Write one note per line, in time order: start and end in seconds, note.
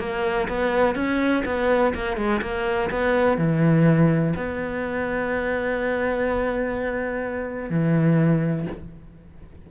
0.00 0.48 A#3
0.49 0.96 B3
0.96 1.44 C#4
1.46 1.94 B3
1.95 2.17 A#3
2.17 2.41 G#3
2.42 2.91 A#3
2.91 3.38 B3
3.38 4.35 E3
4.36 7.71 B3
7.71 8.67 E3